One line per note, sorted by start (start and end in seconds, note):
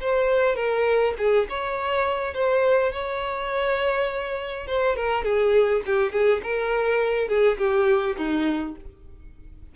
0.00 0.56 C5
0.56 1.14 A#4
1.18 1.47 G#4
1.49 2.34 C#5
2.34 2.92 C5
2.92 4.67 C#5
4.67 4.96 C5
4.96 5.24 A#4
5.24 5.82 G#4
5.86 6.12 G4
6.12 6.41 G#4
6.43 7.28 A#4
7.28 7.58 G#4
7.58 8.16 G4
8.17 8.75 D#4